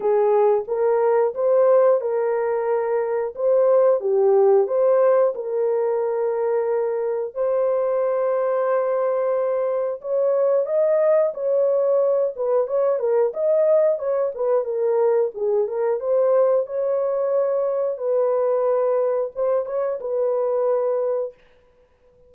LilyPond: \new Staff \with { instrumentName = "horn" } { \time 4/4 \tempo 4 = 90 gis'4 ais'4 c''4 ais'4~ | ais'4 c''4 g'4 c''4 | ais'2. c''4~ | c''2. cis''4 |
dis''4 cis''4. b'8 cis''8 ais'8 | dis''4 cis''8 b'8 ais'4 gis'8 ais'8 | c''4 cis''2 b'4~ | b'4 c''8 cis''8 b'2 | }